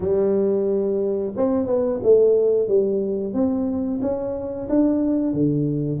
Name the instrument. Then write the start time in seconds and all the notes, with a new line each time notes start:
tuba
0.00 G3
1.36 C4
1.66 B3
2.03 A3
2.68 G3
3.33 C4
4.02 C#4
4.69 D4
5.33 D3